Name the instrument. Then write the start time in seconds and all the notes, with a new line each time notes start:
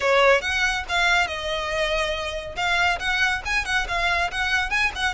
violin
0.00 C#5
0.41 F#5
0.88 F5
1.27 D#5
2.56 F5
2.99 F#5
3.45 G#5
3.65 F#5
3.88 F5
4.31 F#5
4.70 G#5
4.95 F#5